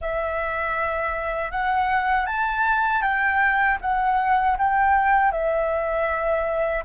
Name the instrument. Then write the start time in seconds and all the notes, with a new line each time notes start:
flute
0.01 E5
1.51 F#5
2.26 A5
3.02 G5
3.81 F#5
4.57 G5
5.31 E5